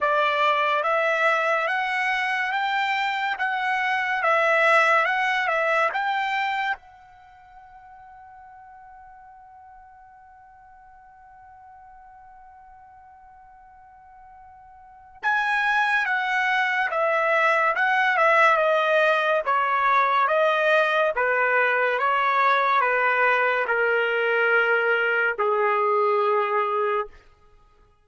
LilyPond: \new Staff \with { instrumentName = "trumpet" } { \time 4/4 \tempo 4 = 71 d''4 e''4 fis''4 g''4 | fis''4 e''4 fis''8 e''8 g''4 | fis''1~ | fis''1~ |
fis''2 gis''4 fis''4 | e''4 fis''8 e''8 dis''4 cis''4 | dis''4 b'4 cis''4 b'4 | ais'2 gis'2 | }